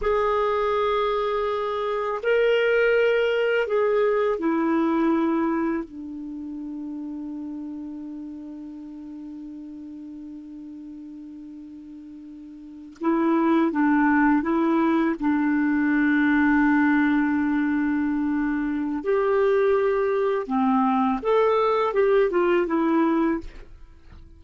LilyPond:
\new Staff \with { instrumentName = "clarinet" } { \time 4/4 \tempo 4 = 82 gis'2. ais'4~ | ais'4 gis'4 e'2 | d'1~ | d'1~ |
d'4.~ d'16 e'4 d'4 e'16~ | e'8. d'2.~ d'16~ | d'2 g'2 | c'4 a'4 g'8 f'8 e'4 | }